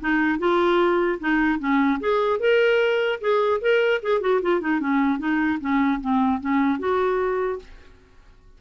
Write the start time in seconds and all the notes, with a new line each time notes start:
0.00 D#4
0.38 F4
1.20 D#4
1.59 C#4
2.00 G#4
2.39 A#4
3.21 G#4
3.61 A#4
4.02 G#4
4.21 F#4
4.41 F4
4.60 D#4
4.80 C#4
5.18 D#4
5.60 C#4
6.00 C4
6.40 C#4
6.79 F#4